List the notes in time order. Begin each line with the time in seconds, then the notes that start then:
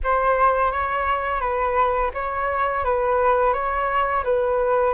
0.03 C5
0.71 C#5
1.40 B4
2.14 C#5
2.84 B4
3.53 C#5
4.24 B4